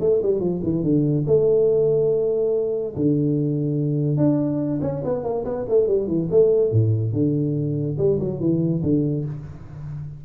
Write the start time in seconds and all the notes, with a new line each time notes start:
0.00 A3
0.22 G3
0.40 F3
0.63 E3
0.83 D3
1.26 A3
2.96 D3
4.17 D4
4.81 C#4
5.04 B3
5.23 A#3
5.45 B3
5.69 A3
5.87 G3
6.07 E3
6.31 A3
6.72 A2
7.13 D3
7.98 G3
8.20 F#3
8.40 E3
8.83 D3